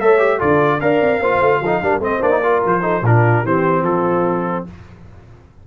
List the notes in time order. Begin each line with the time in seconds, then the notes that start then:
0.00 A3 A4 C#5 E5
0.19 G4
0.38 D3 F4 A4 D5
0.81 D4 A#4 D5 F5
1.02 C4
1.20 A#3 F4 C5
1.41 A3
1.61 F3 D#4 A4
1.83 G3 D4 A#4
2.00 A3 C4 C5 D#5
2.22 A#3 D4 D5
2.31 D#4
2.43 F4 A#4
2.66 F3 C5
2.82 D#4 A4
3.02 A#2 D4 F4 A#4
3.44 E3 C4 G4 C5
3.83 F3 F4 A4